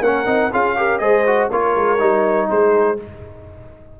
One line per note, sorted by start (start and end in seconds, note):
0.00 0.25 A#3
0.00 0.25 C#4
0.00 0.51 A#4
0.00 0.52 F#5
0.25 0.50 C4
0.25 0.50 D#4
0.51 1.00 C#4
0.51 0.76 F4
0.51 0.76 G#4
0.51 0.98 F5
0.76 1.00 G4
0.76 1.01 A#4
0.98 1.49 G#3
0.98 1.24 G#4
0.98 1.50 C5
0.98 1.47 D#5
1.26 1.50 F#4
1.50 1.75 A#3
1.50 1.98 F4
1.50 2.48 A#4
1.50 2.49 C#5
1.75 1.99 G#3
1.98 2.48 G3
1.98 2.96 D#4
2.49 2.99 G#3
2.49 2.98 G#4
2.49 2.99 C5